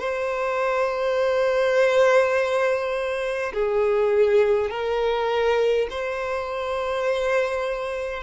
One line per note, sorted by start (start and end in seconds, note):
0.00 3.53 C5
3.54 4.71 G#4
4.71 5.88 A#4
5.90 8.24 C5